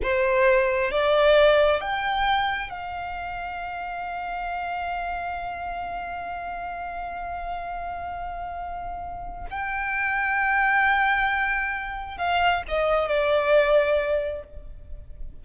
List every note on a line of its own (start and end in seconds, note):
0.02 0.91 C5
0.91 1.80 D5
1.80 2.69 G5
2.69 9.46 F5
9.50 12.17 G5
12.17 12.63 F5
12.67 13.08 D#5
13.08 14.43 D5